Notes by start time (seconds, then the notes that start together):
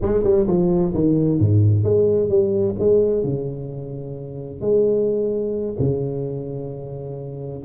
0.01 G#3
0.23 G3
0.47 F3
0.94 D#3
1.39 G#2
1.83 G#3
2.29 G3
2.79 G#3
3.23 C#3
4.60 G#3
5.79 C#3